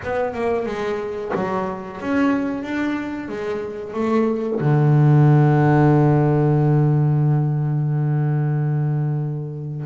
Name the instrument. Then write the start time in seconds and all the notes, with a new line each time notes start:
double bass
0.03 B3
0.34 A#3
0.66 G#3
1.34 F#3
2.00 C#4
2.63 D4
3.28 G#3
3.93 A3
4.60 D3